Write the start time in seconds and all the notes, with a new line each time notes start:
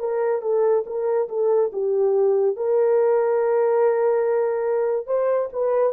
0.00 A#4
0.42 A4
0.86 A#4
1.29 A4
1.73 G4
2.56 A#4
5.07 C5
5.53 B4